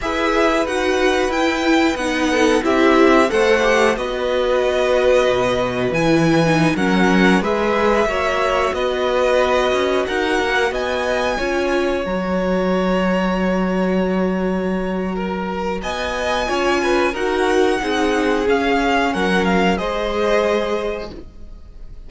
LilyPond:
<<
  \new Staff \with { instrumentName = "violin" } { \time 4/4 \tempo 4 = 91 e''4 fis''4 g''4 fis''4 | e''4 fis''4 dis''2~ | dis''4 gis''4~ gis''16 fis''4 e''8.~ | e''4~ e''16 dis''2 fis''8.~ |
fis''16 gis''2 ais''4.~ ais''16~ | ais''1 | gis''2 fis''2 | f''4 fis''8 f''8 dis''2 | }
  \new Staff \with { instrumentName = "violin" } { \time 4/4 b'2.~ b'8 a'8 | g'4 c''4 b'2~ | b'2~ b'16 ais'4 b'8.~ | b'16 cis''4 b'2 ais'8.~ |
ais'16 dis''4 cis''2~ cis''8.~ | cis''2. ais'4 | dis''4 cis''8 b'8 ais'4 gis'4~ | gis'4 ais'4 c''2 | }
  \new Staff \with { instrumentName = "viola" } { \time 4/4 gis'4 fis'4 e'4 dis'4 | e'4 a'8 g'8 fis'2~ | fis'4 e'8. dis'8 cis'4 gis'8.~ | gis'16 fis'2.~ fis'8.~ |
fis'4~ fis'16 f'4 fis'4.~ fis'16~ | fis'1~ | fis'4 f'4 fis'4 dis'4 | cis'2 gis'2 | }
  \new Staff \with { instrumentName = "cello" } { \time 4/4 e'4 dis'4 e'4 b4 | c'4 a4 b2 | b,4 e4~ e16 fis4 gis8.~ | gis16 ais4 b4. cis'8 dis'8 ais16~ |
ais16 b4 cis'4 fis4.~ fis16~ | fis1 | b4 cis'4 dis'4 c'4 | cis'4 fis4 gis2 | }
>>